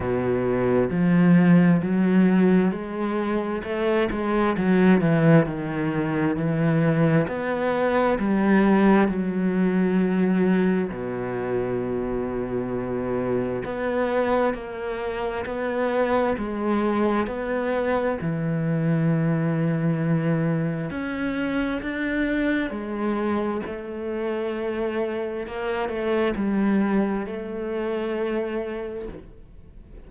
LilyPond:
\new Staff \with { instrumentName = "cello" } { \time 4/4 \tempo 4 = 66 b,4 f4 fis4 gis4 | a8 gis8 fis8 e8 dis4 e4 | b4 g4 fis2 | b,2. b4 |
ais4 b4 gis4 b4 | e2. cis'4 | d'4 gis4 a2 | ais8 a8 g4 a2 | }